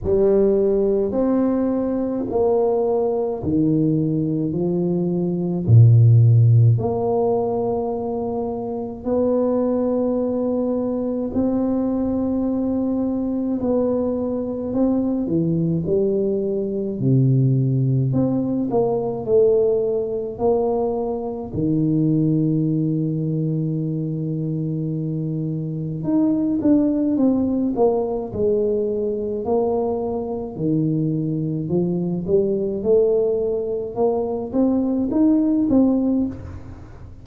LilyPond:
\new Staff \with { instrumentName = "tuba" } { \time 4/4 \tempo 4 = 53 g4 c'4 ais4 dis4 | f4 ais,4 ais2 | b2 c'2 | b4 c'8 e8 g4 c4 |
c'8 ais8 a4 ais4 dis4~ | dis2. dis'8 d'8 | c'8 ais8 gis4 ais4 dis4 | f8 g8 a4 ais8 c'8 dis'8 c'8 | }